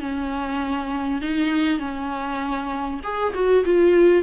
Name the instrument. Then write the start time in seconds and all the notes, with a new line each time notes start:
viola
0.00 C#4
1.21 D#4
1.79 C#4
3.03 G#4
3.34 F#4
3.65 F4